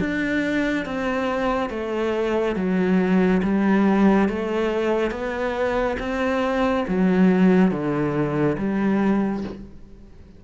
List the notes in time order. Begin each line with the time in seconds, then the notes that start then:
0.00 D4
0.85 C4
1.70 A3
2.56 F#3
3.43 G3
4.29 A3
5.11 B3
6.00 C4
6.88 F#3
7.71 D3
8.58 G3